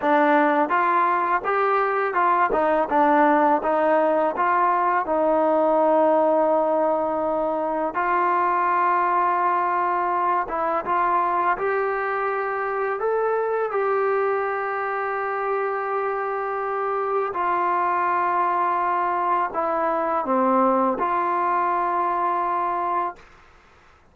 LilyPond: \new Staff \with { instrumentName = "trombone" } { \time 4/4 \tempo 4 = 83 d'4 f'4 g'4 f'8 dis'8 | d'4 dis'4 f'4 dis'4~ | dis'2. f'4~ | f'2~ f'8 e'8 f'4 |
g'2 a'4 g'4~ | g'1 | f'2. e'4 | c'4 f'2. | }